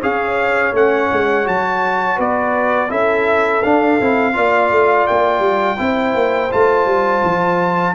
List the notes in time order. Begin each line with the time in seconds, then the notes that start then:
0.00 C#4 G#4 C#5 F5
0.73 A3 C#4 F#5
1.12 G#3
1.45 F#3 F#4 A5
2.16 B3 B4 D5
2.89 C#4 E4 A4 E5
3.63 D4 F5
4.01 C4 E4
4.34 A#3 F4 D5
4.71 A3
5.07 A#3 G5
5.39 G3
5.77 C4 E4 C5
6.14 A#3
6.51 A3 F4 A5
6.86 G3
7.24 F3